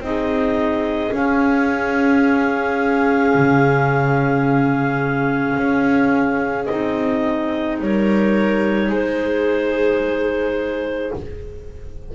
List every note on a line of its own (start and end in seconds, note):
0.00 1.11 C4
0.00 1.10 D#4
0.00 7.83 G#4
0.00 1.14 D#5
1.10 6.66 C#4
1.10 3.34 C#4
1.10 6.66 F5
3.35 5.56 C#3
5.56 6.68 C#4
6.66 7.80 C4
6.66 11.14 D#4
6.66 7.77 D#5
7.80 8.89 G3
7.80 8.87 A#4
7.80 8.93 C#5
8.87 11.12 G#3
8.87 11.09 G#4
8.87 11.15 C5